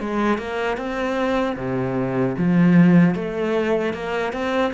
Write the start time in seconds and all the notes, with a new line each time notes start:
0.00 G#3
0.38 A#3
0.77 C4
1.56 C3
2.38 F3
3.15 A3
3.93 A#3
4.33 C4